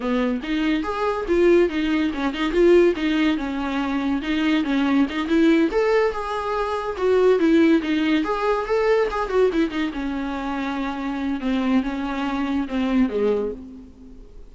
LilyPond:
\new Staff \with { instrumentName = "viola" } { \time 4/4 \tempo 4 = 142 b4 dis'4 gis'4 f'4 | dis'4 cis'8 dis'8 f'4 dis'4 | cis'2 dis'4 cis'4 | dis'8 e'4 a'4 gis'4.~ |
gis'8 fis'4 e'4 dis'4 gis'8~ | gis'8 a'4 gis'8 fis'8 e'8 dis'8 cis'8~ | cis'2. c'4 | cis'2 c'4 gis4 | }